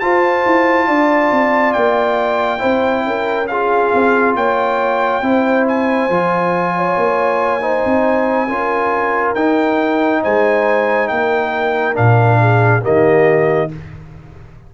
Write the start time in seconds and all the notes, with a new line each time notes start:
0.00 F4 C5 A5
0.46 E4
0.88 D4 D5
1.32 C4
1.73 A#3 G5
2.59 C4 E4 C5
3.05 C#4 A#4
3.47 F4 G#4 F5
3.94 C4
4.36 A#3 C#5 G5
5.22 C4 E4 C5
5.68 G#5
6.10 F3 F4
6.76 C#5
6.97 A#3
7.61 D#4 C5
7.86 C4
8.49 C#4 F4 A#4
9.35 D#4 G5
10.23 G#3 C5 G#5
11.08 A#3 A#4 G5
11.94 A#2 D4 F5
12.41 G#4
12.82 D#3 A#3 G4 D#5